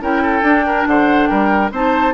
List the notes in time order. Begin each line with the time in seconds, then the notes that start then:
0.00 C#4 E4 A#4 G5
0.22 A4
0.42 D4
0.66 A#4
0.87 D3 C5 F#5
1.26 G3 A#4 G5
1.71 C4 D#4 C5 A5